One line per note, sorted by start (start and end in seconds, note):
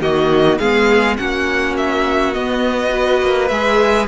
0.00 0.58 D#3
0.00 0.60 A#3
0.00 0.59 F#4
0.00 0.58 D#5
0.58 1.19 G#3
0.58 1.18 B3
0.58 1.17 G#4
0.58 1.16 F5
1.17 2.36 A#3
1.17 2.34 C#4
1.17 2.91 F#4
1.17 1.75 F#5
1.77 2.33 E5
2.33 2.89 B3
2.33 3.22 B3
2.33 3.48 D#5
2.89 3.47 F#4
2.89 4.08 B4
3.22 3.50 A#3
3.48 4.08 G#3
3.48 4.08 G#4
3.48 4.06 E5